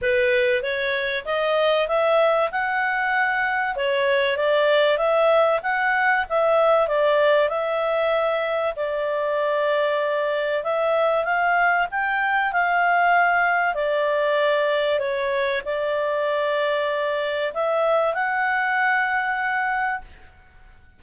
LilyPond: \new Staff \with { instrumentName = "clarinet" } { \time 4/4 \tempo 4 = 96 b'4 cis''4 dis''4 e''4 | fis''2 cis''4 d''4 | e''4 fis''4 e''4 d''4 | e''2 d''2~ |
d''4 e''4 f''4 g''4 | f''2 d''2 | cis''4 d''2. | e''4 fis''2. | }